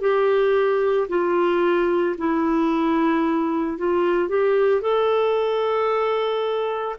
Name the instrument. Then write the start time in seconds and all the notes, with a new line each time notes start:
clarinet
0.00 G4
1.09 F4
2.17 E4
3.77 F4
4.28 G4
4.81 A4